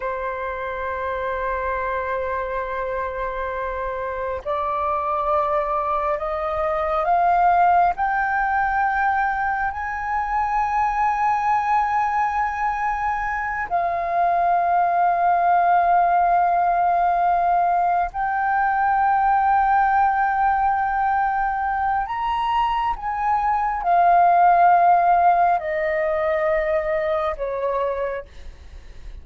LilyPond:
\new Staff \with { instrumentName = "flute" } { \time 4/4 \tempo 4 = 68 c''1~ | c''4 d''2 dis''4 | f''4 g''2 gis''4~ | gis''2.~ gis''8 f''8~ |
f''1~ | f''8 g''2.~ g''8~ | g''4 ais''4 gis''4 f''4~ | f''4 dis''2 cis''4 | }